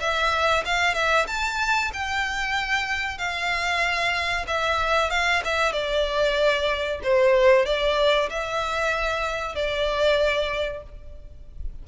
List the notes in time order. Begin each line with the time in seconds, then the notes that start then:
0.00 E5
0.66 F5
0.95 E5
1.27 A5
1.94 G5
3.18 F5
4.47 E5
5.11 F5
5.45 E5
5.73 D5
7.03 C5
7.66 D5
8.30 E5
9.55 D5